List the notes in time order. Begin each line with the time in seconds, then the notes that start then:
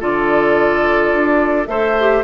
0.00 D3 F4 A4 D5
1.13 D4
1.67 A3 A4 C5 E5
1.99 G4